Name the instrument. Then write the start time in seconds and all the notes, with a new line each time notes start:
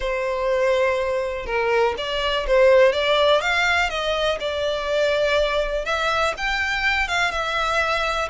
violin
0.00 C5
1.46 A#4
1.97 D5
2.47 C5
2.92 D5
3.41 F5
3.89 D#5
4.39 D5
5.85 E5
6.37 G5
7.08 F5
7.31 E5